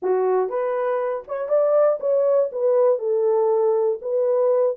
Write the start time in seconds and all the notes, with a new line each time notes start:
0.02 F#4
0.49 B4
1.27 C#5
1.48 D5
2.00 C#5
2.52 B4
2.98 A4
4.01 B4